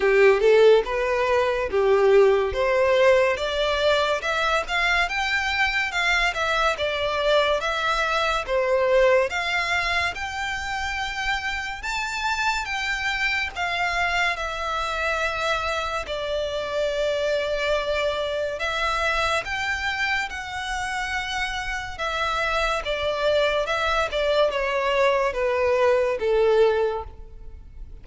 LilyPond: \new Staff \with { instrumentName = "violin" } { \time 4/4 \tempo 4 = 71 g'8 a'8 b'4 g'4 c''4 | d''4 e''8 f''8 g''4 f''8 e''8 | d''4 e''4 c''4 f''4 | g''2 a''4 g''4 |
f''4 e''2 d''4~ | d''2 e''4 g''4 | fis''2 e''4 d''4 | e''8 d''8 cis''4 b'4 a'4 | }